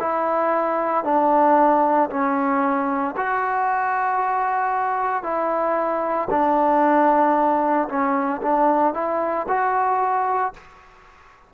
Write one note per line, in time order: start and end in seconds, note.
0.00 1.04 E4
1.04 2.10 D4
2.10 3.15 C#4
3.17 5.23 F#4
5.23 6.28 E4
6.31 7.89 D4
7.89 8.42 C#4
8.42 8.94 D4
8.94 9.47 E4
9.49 10.54 F#4